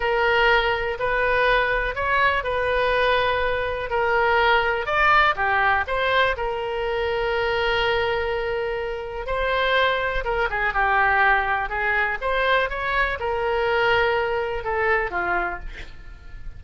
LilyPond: \new Staff \with { instrumentName = "oboe" } { \time 4/4 \tempo 4 = 123 ais'2 b'2 | cis''4 b'2. | ais'2 d''4 g'4 | c''4 ais'2.~ |
ais'2. c''4~ | c''4 ais'8 gis'8 g'2 | gis'4 c''4 cis''4 ais'4~ | ais'2 a'4 f'4 | }